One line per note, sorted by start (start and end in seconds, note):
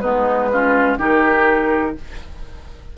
0.00 0.98 G#3
0.00 0.51 B3
0.00 0.49 D#4
0.00 0.97 B4
0.52 0.99 C#4
0.52 0.98 F4
0.98 1.94 D#3
0.98 1.96 D#4
0.98 1.95 G4
0.98 1.97 A#4